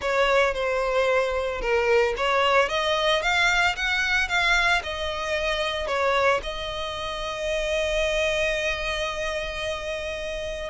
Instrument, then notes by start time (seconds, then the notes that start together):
violin
0.01 C#5
0.54 C5
1.61 A#4
2.16 C#5
2.68 D#5
3.22 F5
3.76 F#5
4.28 F5
4.83 D#5
5.87 C#5
6.43 D#5